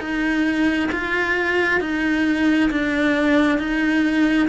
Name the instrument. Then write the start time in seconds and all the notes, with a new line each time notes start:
cello
0.00 D#4
0.92 F4
1.81 D#4
2.71 D4
3.59 D#4